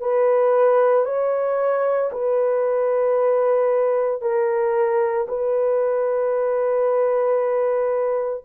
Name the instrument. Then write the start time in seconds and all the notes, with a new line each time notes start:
horn
0.00 B4
1.05 C#5
2.12 B4
4.22 A#4
5.28 B4